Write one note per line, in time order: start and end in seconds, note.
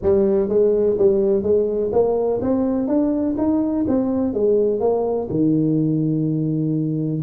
0.02 0.48 G3
0.48 0.96 G#3
0.98 1.42 G3
1.42 1.90 G#3
1.92 2.40 A#3
2.41 2.87 C4
2.87 3.35 D4
3.37 3.85 D#4
3.87 4.33 C4
4.33 4.80 G#3
4.80 5.28 A#3
5.30 7.22 D#3